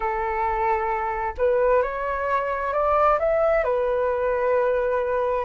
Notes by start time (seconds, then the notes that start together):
0.00 A4
1.37 B4
1.82 C#5
2.73 D5
3.19 E5
3.64 B4